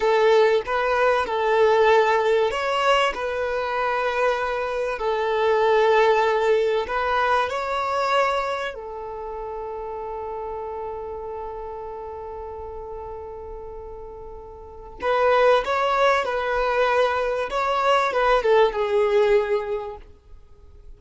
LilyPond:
\new Staff \with { instrumentName = "violin" } { \time 4/4 \tempo 4 = 96 a'4 b'4 a'2 | cis''4 b'2. | a'2. b'4 | cis''2 a'2~ |
a'1~ | a'1 | b'4 cis''4 b'2 | cis''4 b'8 a'8 gis'2 | }